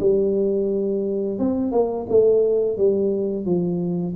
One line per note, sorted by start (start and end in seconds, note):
0.00 1.39 G3
1.39 1.72 C4
1.72 2.06 A#3
2.09 2.77 A3
2.77 3.45 G3
3.45 4.14 F3